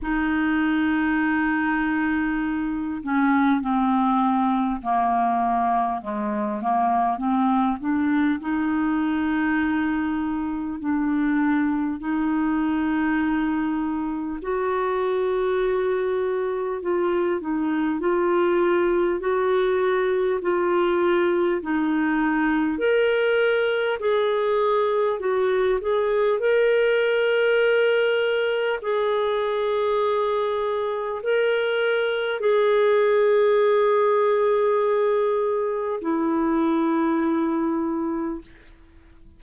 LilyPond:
\new Staff \with { instrumentName = "clarinet" } { \time 4/4 \tempo 4 = 50 dis'2~ dis'8 cis'8 c'4 | ais4 gis8 ais8 c'8 d'8 dis'4~ | dis'4 d'4 dis'2 | fis'2 f'8 dis'8 f'4 |
fis'4 f'4 dis'4 ais'4 | gis'4 fis'8 gis'8 ais'2 | gis'2 ais'4 gis'4~ | gis'2 e'2 | }